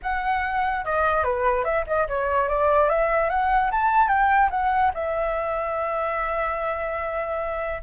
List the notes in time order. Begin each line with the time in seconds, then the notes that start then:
0.02 F#5
0.84 D#5
1.23 B4
1.64 E5
1.87 D#5
2.08 C#5
2.48 D5
2.89 E5
3.29 F#5
3.71 A5
4.08 G5
4.50 F#5
4.94 E5